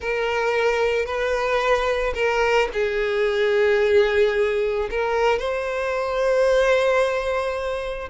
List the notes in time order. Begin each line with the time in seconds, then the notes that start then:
0.00 A#4
1.05 B4
2.14 A#4
2.73 G#4
4.90 A#4
5.38 C5